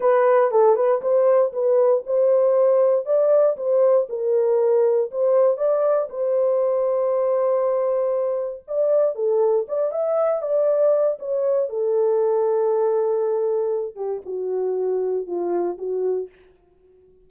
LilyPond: \new Staff \with { instrumentName = "horn" } { \time 4/4 \tempo 4 = 118 b'4 a'8 b'8 c''4 b'4 | c''2 d''4 c''4 | ais'2 c''4 d''4 | c''1~ |
c''4 d''4 a'4 d''8 e''8~ | e''8 d''4. cis''4 a'4~ | a'2.~ a'8 g'8 | fis'2 f'4 fis'4 | }